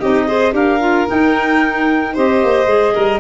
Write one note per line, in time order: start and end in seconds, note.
0.00 0.53 C4
0.00 0.27 D#4
0.00 0.27 G4
0.00 0.53 D#5
0.27 0.53 G#4
0.27 0.54 C5
0.53 1.06 D4
0.53 0.79 G4
0.53 2.14 A#4
0.53 1.08 F5
0.80 1.07 F4
1.07 2.13 D#4
1.07 2.17 D#4
1.07 2.15 G5
2.14 2.43 C4
2.14 2.66 G4
2.14 2.93 C5
2.14 3.20 D#5
2.43 2.66 A#3
2.66 2.93 G#3
2.66 3.19 G#4
2.94 3.20 G3
2.94 3.20 A#4